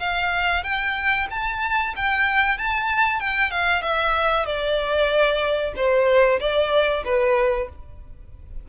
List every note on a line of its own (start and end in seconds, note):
0.00 0.64 F5
0.64 1.27 G5
1.31 1.94 A5
1.96 2.58 G5
2.58 3.20 A5
3.20 3.51 G5
3.51 3.82 F5
3.82 4.46 E5
4.46 5.74 D5
5.76 6.40 C5
6.40 7.04 D5
7.05 7.69 B4